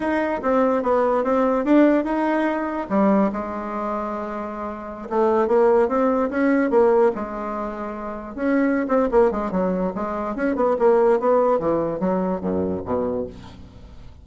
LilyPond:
\new Staff \with { instrumentName = "bassoon" } { \time 4/4 \tempo 4 = 145 dis'4 c'4 b4 c'4 | d'4 dis'2 g4 | gis1~ | gis16 a4 ais4 c'4 cis'8.~ |
cis'16 ais4 gis2~ gis8.~ | gis16 cis'4~ cis'16 c'8 ais8 gis8 fis4 | gis4 cis'8 b8 ais4 b4 | e4 fis4 fis,4 b,4 | }